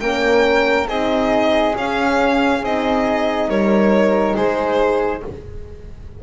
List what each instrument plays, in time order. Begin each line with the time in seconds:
0.00 double bass A#3, horn C#4, flute A#4, violin G5
0.87 double bass C4, horn D#4, flute G#4, violin D#5
1.74 horn C#4, double bass C#4, violin F5
2.62 double bass C4, horn D#4, violin D#5
3.48 double bass G3, flute A#4, violin C#5
4.35 double bass G#3, flute G#4, violin C5